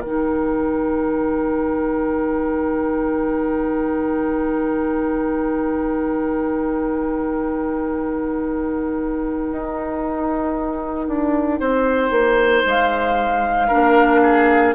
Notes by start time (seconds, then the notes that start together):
0.00 D#3 D#4 A#4 G5
9.51 D#4
11.07 D4
11.60 C4 C5
12.10 A#3
12.65 G#3 F5
13.68 A#3 D4 A#4
14.22 G#4